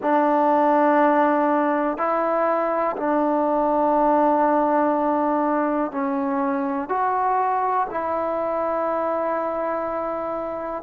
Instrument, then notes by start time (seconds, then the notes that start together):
trombone
0.02 D4
1.97 E4
2.96 D4
5.91 C#4
6.89 F#4
7.90 E4